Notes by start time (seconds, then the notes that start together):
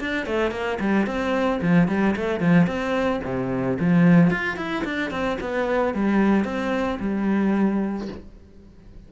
0.00 D4
0.26 A3
0.51 A#3
0.80 G3
1.06 C4
1.61 F3
1.88 G3
2.16 A3
2.40 F3
2.67 C4
3.24 C3
3.79 F3
4.30 F4
4.57 E4
4.84 D4
5.11 C4
5.40 B3
5.94 G3
6.44 C4
7.00 G3